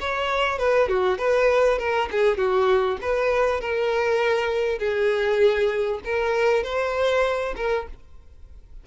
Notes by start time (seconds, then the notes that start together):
0.00 C#5
0.58 B4
0.88 F#4
1.18 B4
1.79 A#4
2.11 G#4
2.37 F#4
3.02 B4
3.61 A#4
4.79 G#4
6.05 A#4
6.64 C5
7.56 A#4